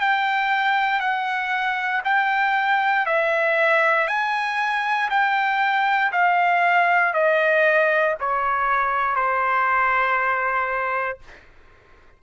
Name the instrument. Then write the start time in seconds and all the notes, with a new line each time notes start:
trumpet
0.00 G5
1.00 F#5
2.04 G5
3.06 E5
4.07 G#5
5.10 G5
6.12 F5
7.14 D#5
8.20 C#5
9.15 C5